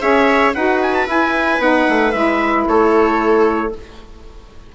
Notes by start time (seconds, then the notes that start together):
0.00 C#4 G#4 C#5 E5
0.54 D#4 F#4 B4 F#5
0.82 G#5
0.94 A5
1.07 E4 G#5
1.59 B3 D#4 F#5
1.89 A3
2.12 G#3 E4 E5
2.67 A3 A4 C#5